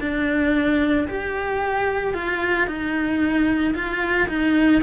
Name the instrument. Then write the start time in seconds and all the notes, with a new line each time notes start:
cello
0.00 D4
1.07 G4
2.14 F4
2.67 D#4
3.74 F4
4.28 D#4